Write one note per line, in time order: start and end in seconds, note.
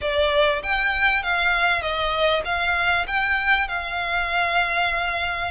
0.01 0.62 D5
0.62 1.22 G5
1.22 1.81 F5
1.81 2.42 D#5
2.45 3.06 F5
3.07 3.67 G5
3.67 5.51 F5